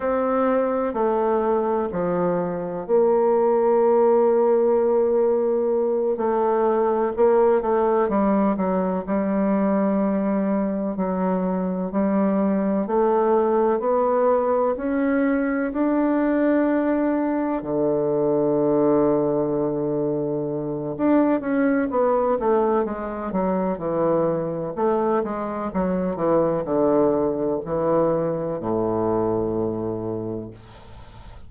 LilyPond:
\new Staff \with { instrumentName = "bassoon" } { \time 4/4 \tempo 4 = 63 c'4 a4 f4 ais4~ | ais2~ ais8 a4 ais8 | a8 g8 fis8 g2 fis8~ | fis8 g4 a4 b4 cis'8~ |
cis'8 d'2 d4.~ | d2 d'8 cis'8 b8 a8 | gis8 fis8 e4 a8 gis8 fis8 e8 | d4 e4 a,2 | }